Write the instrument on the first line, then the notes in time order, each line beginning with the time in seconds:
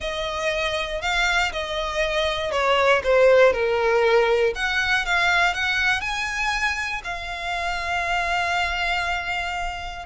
violin
0.00 D#5
1.01 F5
1.52 D#5
2.51 C#5
3.03 C5
3.52 A#4
4.55 F#5
5.05 F5
5.53 F#5
6.00 G#5
7.03 F5